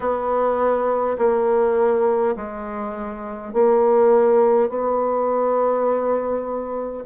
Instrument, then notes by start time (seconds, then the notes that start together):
bassoon
0.00 B3
1.18 A#3
2.35 G#3
3.53 A#3
4.68 B3